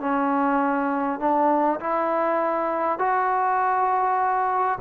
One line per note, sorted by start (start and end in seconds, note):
0.00 1.19 C#4
1.19 1.79 D4
1.80 2.99 E4
2.99 4.79 F#4